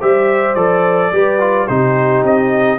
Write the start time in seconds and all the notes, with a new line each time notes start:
0.00 G3 G4 C5 E5
0.55 F3 A4 D5
1.12 G3 G4 B4
1.39 F4
1.67 C3 D#4 G4 C5
2.23 C4 D#5